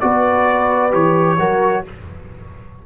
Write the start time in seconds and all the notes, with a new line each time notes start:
0.00 B3 F#4 B4 D5
0.90 E3 G4 C#5
1.38 F#3 F#4 A#4